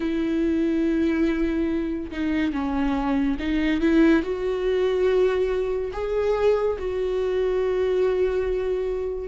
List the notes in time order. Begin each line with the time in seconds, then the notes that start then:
0.00 E4
2.11 D#4
2.52 C#4
3.39 D#4
3.80 E4
4.23 F#4
5.92 G#4
6.78 F#4